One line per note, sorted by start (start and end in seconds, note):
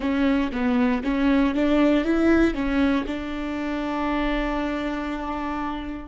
0.00 0.51 C#4
0.52 1.03 B3
1.04 1.54 C#4
1.54 2.04 D4
2.04 2.54 E4
2.54 3.05 C#4
3.06 6.08 D4